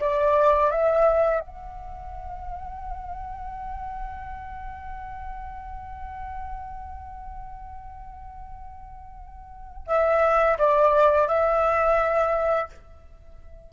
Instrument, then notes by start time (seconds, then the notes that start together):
flute
0.00 D5
0.71 E5
1.40 F#5
9.87 E5
10.58 D5
11.27 E5